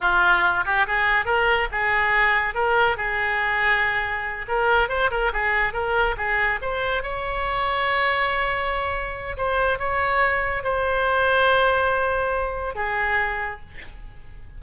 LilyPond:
\new Staff \with { instrumentName = "oboe" } { \time 4/4 \tempo 4 = 141 f'4. g'8 gis'4 ais'4 | gis'2 ais'4 gis'4~ | gis'2~ gis'8 ais'4 c''8 | ais'8 gis'4 ais'4 gis'4 c''8~ |
c''8 cis''2.~ cis''8~ | cis''2 c''4 cis''4~ | cis''4 c''2.~ | c''2 gis'2 | }